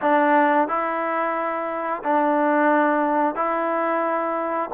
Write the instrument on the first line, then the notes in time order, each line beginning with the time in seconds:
trombone
0.01 D4
0.68 E4
2.03 D4
3.35 E4